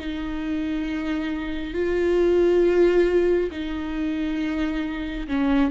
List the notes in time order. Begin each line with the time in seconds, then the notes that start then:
0.00 D#4
1.74 F4
3.51 D#4
5.28 C#4